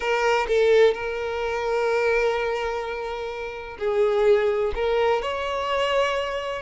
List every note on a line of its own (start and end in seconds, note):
0.00 0.46 A#4
0.47 0.94 A4
0.94 3.77 A#4
3.78 4.72 G#4
4.74 5.21 A#4
5.22 6.62 C#5